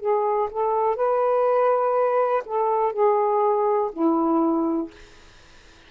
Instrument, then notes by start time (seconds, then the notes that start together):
saxophone
0.00 G#4
0.51 A4
0.96 B4
2.45 A4
2.93 G#4
3.93 E4